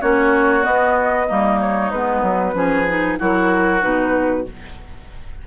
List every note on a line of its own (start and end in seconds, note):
0.00 0.65 A#3
0.00 0.62 C#4
0.00 1.26 F#4
0.00 0.63 C#5
0.62 1.25 B3
0.62 1.29 B3
0.62 1.59 D#5
1.26 1.91 G3
1.26 1.91 A#3
1.26 2.54 D#4
1.61 1.91 C#5
1.91 2.22 G#3
1.91 2.54 B3
1.91 3.18 B4
2.22 2.54 F#3
2.54 3.17 F3
2.54 2.86 C#4
2.54 3.18 G#4
2.88 3.18 D#4
3.18 3.82 F#3
3.18 3.80 E4
3.18 4.46 F#4
3.18 3.82 A#4
3.80 4.46 B2
3.80 4.44 D#4
3.80 4.46 B4